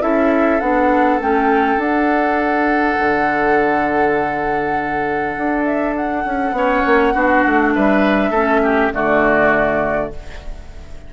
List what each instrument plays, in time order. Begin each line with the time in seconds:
0.00 bassoon C#4, clarinet E4, oboe A4, flute E5
0.60 bassoon B3, clarinet D4, flute F#5
1.19 bassoon A3, clarinet C#4, flute G5
1.77 bassoon D4, clarinet D4, flute F#5
2.99 bassoon D3
5.37 bassoon D4
5.65 flute E5
5.96 flute F#5
6.25 bassoon C#4
6.51 bassoon B3, clarinet C#4, oboe C#5
6.85 bassoon A#3
7.13 bassoon B3, clarinet D4, oboe F#4
7.46 bassoon A3
7.74 bassoon G3, oboe B4, flute E5
8.30 bassoon A3, clarinet C#4, oboe A4
8.62 oboe G4
8.92 bassoon D3, clarinet A3, oboe F#4, flute D5